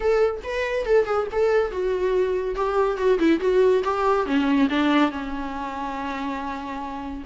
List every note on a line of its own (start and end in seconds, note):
0.00 0.40 A4
0.43 0.85 B4
0.85 1.05 A4
1.05 1.26 G#4
1.32 1.71 A4
1.71 2.55 F#4
2.55 2.97 G4
2.97 3.18 F#4
3.18 3.40 E4
3.40 3.82 F#4
3.84 4.26 G4
4.26 4.68 C#4
4.69 5.10 D4
5.10 7.23 C#4